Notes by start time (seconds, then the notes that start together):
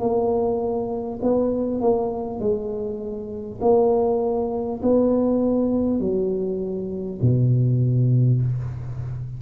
0.00 A#3
1.22 B3
1.81 A#3
2.39 G#3
3.62 A#3
4.83 B3
6.01 F#3
7.22 B2